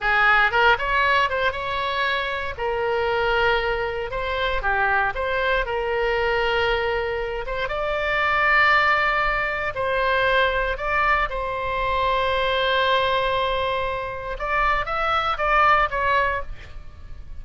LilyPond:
\new Staff \with { instrumentName = "oboe" } { \time 4/4 \tempo 4 = 117 gis'4 ais'8 cis''4 c''8 cis''4~ | cis''4 ais'2. | c''4 g'4 c''4 ais'4~ | ais'2~ ais'8 c''8 d''4~ |
d''2. c''4~ | c''4 d''4 c''2~ | c''1 | d''4 e''4 d''4 cis''4 | }